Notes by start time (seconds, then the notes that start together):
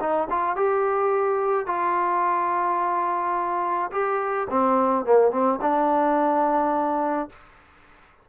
0.00 D#4
0.30 F4
0.56 G4
1.66 F4
3.92 G4
4.50 C4
5.05 A#3
5.31 C4
5.61 D4